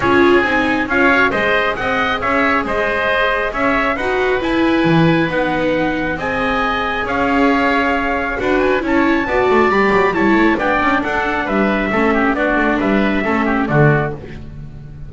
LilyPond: <<
  \new Staff \with { instrumentName = "trumpet" } { \time 4/4 \tempo 4 = 136 cis''4 gis''4 f''4 dis''4 | fis''4 e''4 dis''2 | e''4 fis''4 gis''2 | fis''2 gis''2 |
f''2. fis''8 gis''8 | a''2 b''4 a''4 | g''4 fis''4 e''2 | d''4 e''2 d''4 | }
  \new Staff \with { instrumentName = "oboe" } { \time 4/4 gis'2 cis''4 c''4 | dis''4 cis''4 c''2 | cis''4 b'2.~ | b'2 dis''2 |
cis''2. b'4 | cis''4 d''2 cis''4 | d''4 a'4 b'4 a'8 g'8 | fis'4 b'4 a'8 g'8 fis'4 | }
  \new Staff \with { instrumentName = "viola" } { \time 4/4 f'4 dis'4 f'8 fis'8 gis'4~ | gis'1~ | gis'4 fis'4 e'2 | dis'2 gis'2~ |
gis'2. fis'4 | e'4 fis'4 g'4 e'4 | d'2. cis'4 | d'2 cis'4 a4 | }
  \new Staff \with { instrumentName = "double bass" } { \time 4/4 cis'4 c'4 cis'4 gis4 | c'4 cis'4 gis2 | cis'4 dis'4 e'4 e4 | b2 c'2 |
cis'2. d'4 | cis'4 b8 a8 g8 fis8 g8 a8 | b8 cis'8 d'4 g4 a4 | b8 a8 g4 a4 d4 | }
>>